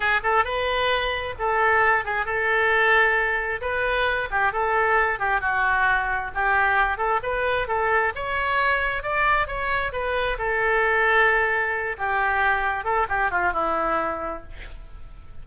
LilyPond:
\new Staff \with { instrumentName = "oboe" } { \time 4/4 \tempo 4 = 133 gis'8 a'8 b'2 a'4~ | a'8 gis'8 a'2. | b'4. g'8 a'4. g'8 | fis'2 g'4. a'8 |
b'4 a'4 cis''2 | d''4 cis''4 b'4 a'4~ | a'2~ a'8 g'4.~ | g'8 a'8 g'8 f'8 e'2 | }